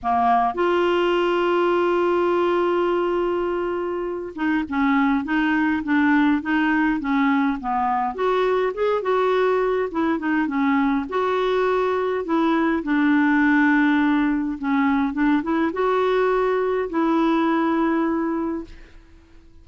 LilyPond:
\new Staff \with { instrumentName = "clarinet" } { \time 4/4 \tempo 4 = 103 ais4 f'2.~ | f'2.~ f'8 dis'8 | cis'4 dis'4 d'4 dis'4 | cis'4 b4 fis'4 gis'8 fis'8~ |
fis'4 e'8 dis'8 cis'4 fis'4~ | fis'4 e'4 d'2~ | d'4 cis'4 d'8 e'8 fis'4~ | fis'4 e'2. | }